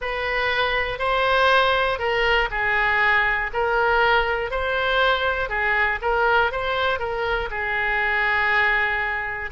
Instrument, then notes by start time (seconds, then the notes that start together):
oboe
0.01 B4
0.98 C5
1.98 A#4
2.50 G#4
3.53 A#4
4.50 C5
5.49 G#4
6.01 A#4
6.51 C5
6.99 A#4
7.50 G#4